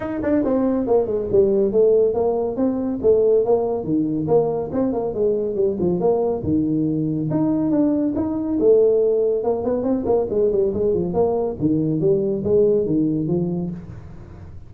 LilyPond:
\new Staff \with { instrumentName = "tuba" } { \time 4/4 \tempo 4 = 140 dis'8 d'8 c'4 ais8 gis8 g4 | a4 ais4 c'4 a4 | ais4 dis4 ais4 c'8 ais8 | gis4 g8 f8 ais4 dis4~ |
dis4 dis'4 d'4 dis'4 | a2 ais8 b8 c'8 ais8 | gis8 g8 gis8 f8 ais4 dis4 | g4 gis4 dis4 f4 | }